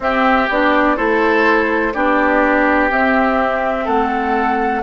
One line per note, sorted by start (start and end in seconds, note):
0.00 0.48 C4
0.00 0.49 C4
0.00 0.96 G4
0.00 0.49 E5
0.49 0.98 B3
0.49 0.96 D4
0.49 0.96 D5
0.96 1.94 A3
0.96 1.93 E4
0.96 1.93 A4
0.96 1.93 C5
1.93 2.90 B3
1.93 2.90 D4
1.93 3.84 G4
1.93 2.90 D5
2.90 4.82 C4
2.90 3.87 C4
2.90 3.87 E5
3.84 4.82 A3
3.84 4.81 A4
3.84 4.82 F#5